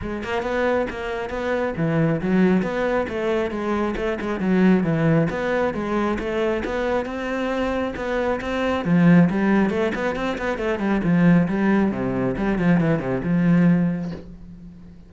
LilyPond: \new Staff \with { instrumentName = "cello" } { \time 4/4 \tempo 4 = 136 gis8 ais8 b4 ais4 b4 | e4 fis4 b4 a4 | gis4 a8 gis8 fis4 e4 | b4 gis4 a4 b4 |
c'2 b4 c'4 | f4 g4 a8 b8 c'8 b8 | a8 g8 f4 g4 c4 | g8 f8 e8 c8 f2 | }